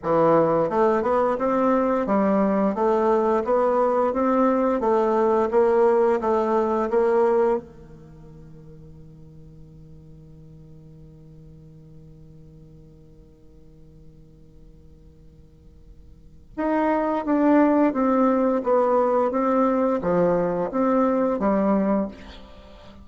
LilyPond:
\new Staff \with { instrumentName = "bassoon" } { \time 4/4 \tempo 4 = 87 e4 a8 b8 c'4 g4 | a4 b4 c'4 a4 | ais4 a4 ais4 dis4~ | dis1~ |
dis1~ | dis1 | dis'4 d'4 c'4 b4 | c'4 f4 c'4 g4 | }